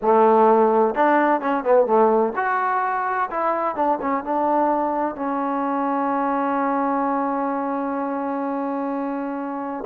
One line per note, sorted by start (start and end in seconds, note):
0.02 0.94 A3
0.94 1.40 D4
1.40 1.64 C#4
1.64 1.86 B3
1.86 2.33 A3
2.36 3.29 F#4
3.30 3.75 E4
3.75 3.98 D4
4.01 4.23 C#4
4.23 5.15 D4
5.15 9.84 C#4